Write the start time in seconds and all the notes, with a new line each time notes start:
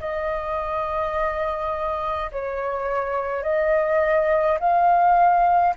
0.00 D#5
2.32 C#5
3.43 D#5
4.59 F5